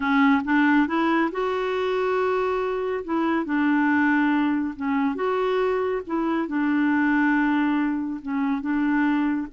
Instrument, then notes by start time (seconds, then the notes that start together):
clarinet
0.00 C#4
0.44 D4
0.87 E4
1.31 F#4
3.04 E4
3.45 D4
4.76 C#4
5.15 F#4
6.06 E4
6.47 D4
8.22 C#4
8.61 D4